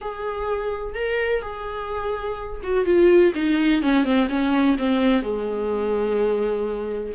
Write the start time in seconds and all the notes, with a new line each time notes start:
0.01 G#4
0.95 A#4
1.42 G#4
2.63 F#4
2.85 F4
3.35 D#4
3.82 C#4
4.04 C4
4.29 C#4
4.78 C4
5.22 G#3